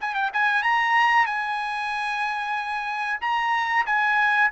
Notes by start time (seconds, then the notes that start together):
0.00 G#5
0.14 G5
0.33 G#5
0.63 A#5
1.26 G#5
3.21 A#5
3.86 G#5